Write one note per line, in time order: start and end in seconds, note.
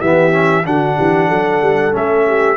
0.00 0.66 E3
0.00 0.32 B3
0.00 0.65 G4
0.00 0.66 E5
0.32 0.64 C#4
0.65 0.99 D3
0.65 1.92 D4
0.65 0.97 F#4
0.65 1.96 F#5
0.97 1.30 E3
0.97 1.28 G4
1.28 1.62 F#3
1.28 2.25 A4
1.62 1.94 G3
1.92 2.57 A3
1.92 2.57 C#4
1.92 2.57 E5
2.27 2.57 G4